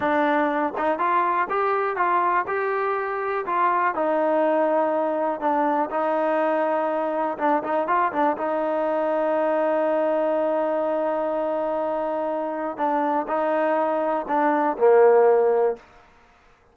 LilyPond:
\new Staff \with { instrumentName = "trombone" } { \time 4/4 \tempo 4 = 122 d'4. dis'8 f'4 g'4 | f'4 g'2 f'4 | dis'2. d'4 | dis'2. d'8 dis'8 |
f'8 d'8 dis'2.~ | dis'1~ | dis'2 d'4 dis'4~ | dis'4 d'4 ais2 | }